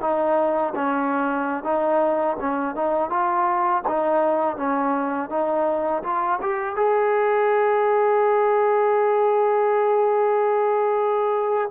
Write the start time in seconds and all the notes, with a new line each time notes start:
0.00 D#4
0.75 C#4
1.63 D#4
2.40 C#4
2.75 D#4
3.09 F4
3.87 D#4
4.57 C#4
5.29 D#4
6.03 F4
6.41 G4
6.75 G#4